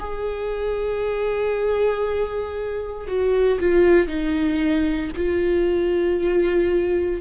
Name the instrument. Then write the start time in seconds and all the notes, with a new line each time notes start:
viola
0.00 G#4
3.08 F#4
3.61 F4
4.08 D#4
5.17 F4